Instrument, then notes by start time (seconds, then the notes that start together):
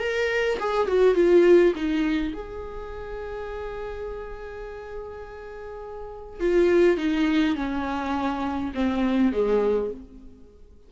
viola
0.00 A#4
0.60 G#4
0.88 F#4
1.15 F4
1.76 D#4
2.34 G#4
6.40 F4
6.97 D#4
7.56 C#4
8.75 C4
9.33 G#3